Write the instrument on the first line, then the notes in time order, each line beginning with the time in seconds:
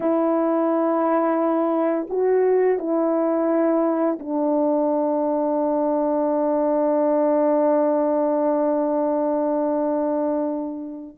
horn
0.00 E4
2.09 F#4
2.78 E4
4.19 D4